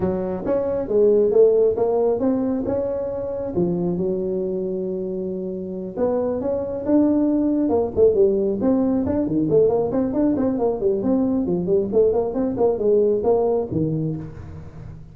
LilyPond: \new Staff \with { instrumentName = "tuba" } { \time 4/4 \tempo 4 = 136 fis4 cis'4 gis4 a4 | ais4 c'4 cis'2 | f4 fis2.~ | fis4. b4 cis'4 d'8~ |
d'4. ais8 a8 g4 c'8~ | c'8 d'8 dis8 a8 ais8 c'8 d'8 c'8 | ais8 g8 c'4 f8 g8 a8 ais8 | c'8 ais8 gis4 ais4 dis4 | }